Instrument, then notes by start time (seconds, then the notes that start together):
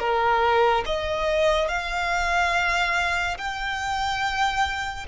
violin
0.00 A#4
0.86 D#5
1.69 F5
3.38 G5